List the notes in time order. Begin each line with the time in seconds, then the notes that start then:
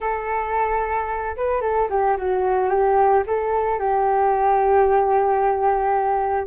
0.00 A4
1.36 B4
1.61 A4
1.89 G4
2.17 F#4
2.69 G4
3.27 A4
3.79 G4